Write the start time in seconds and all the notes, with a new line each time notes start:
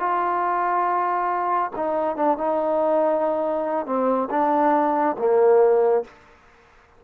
0.00 F4
1.76 D#4
2.17 D4
2.38 D#4
3.86 C4
4.31 D4
5.19 A#3